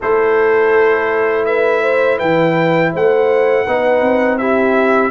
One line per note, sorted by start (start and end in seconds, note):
0.00 2.20 A3
0.00 3.66 E4
0.00 1.45 A4
0.00 1.45 C5
1.45 1.81 B4
1.45 2.18 E5
1.81 2.17 C5
2.17 2.93 E3
2.17 2.90 B4
2.17 2.92 G5
2.92 3.66 A3
2.92 3.66 C5
2.92 4.38 F#5
3.66 4.00 B3
3.66 4.39 D#4
3.66 4.39 B4
4.00 5.10 C4
4.38 5.11 E4
4.38 5.11 G4
4.38 5.11 E5